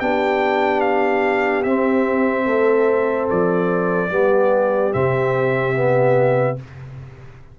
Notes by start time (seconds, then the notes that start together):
0.00 B3 D4 G4 G5
0.81 F5
1.64 C4 E5
2.46 A3 A4
3.30 F3 D5
4.10 G3 B3 G4
4.92 C3 C4 E5
5.74 B3